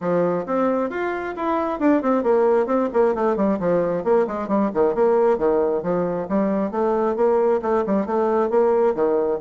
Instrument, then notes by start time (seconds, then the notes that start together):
bassoon
0.01 F3
0.46 C4
0.90 F4
1.36 E4
1.79 D4
2.02 C4
2.23 A#3
2.66 C4
2.93 A#3
3.14 A3
3.36 G3
3.59 F3
4.04 A#3
4.27 G#3
4.48 G3
4.73 D#3
4.94 A#3
5.38 D#3
5.82 F3
6.28 G3
6.71 A3
7.16 A#3
7.62 A3
7.86 G3
8.06 A3
8.50 A#3
8.94 D#3